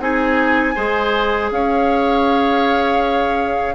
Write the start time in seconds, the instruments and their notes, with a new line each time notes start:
0.00 bassoon C4, clarinet D#4, oboe G#4, flute G#5
0.75 bassoon G#3, clarinet G#4, oboe C5
1.51 bassoon C#4, oboe C#5, flute F5